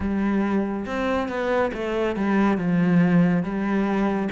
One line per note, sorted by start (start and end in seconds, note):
0.00 0.85 G3
0.86 1.28 C4
1.28 1.71 B3
1.73 2.15 A3
2.15 2.57 G3
2.57 3.43 F3
3.43 4.29 G3